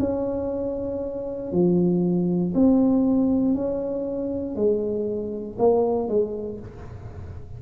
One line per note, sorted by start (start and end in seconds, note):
0.00 1.53 C#4
1.53 2.54 F3
2.55 3.55 C4
3.55 4.56 C#4
4.56 5.57 G#3
5.59 6.09 A#3
6.09 6.60 G#3